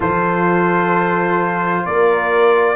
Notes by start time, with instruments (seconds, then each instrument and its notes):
0.00 tuba F3, trombone F4, horn A4, trumpet C5
1.85 tuba A#3, horn A#4, trumpet D5